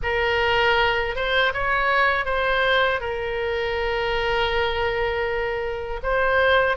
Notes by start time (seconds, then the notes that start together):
0.02 A#4
1.15 C5
1.53 C#5
2.25 C5
3.00 A#4
6.02 C5